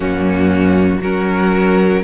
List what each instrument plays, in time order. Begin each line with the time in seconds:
0.00 cello F#2, viola A#3, violin C#4 F#4
1.00 cello F#3, viola C#4, violin F#4 A#4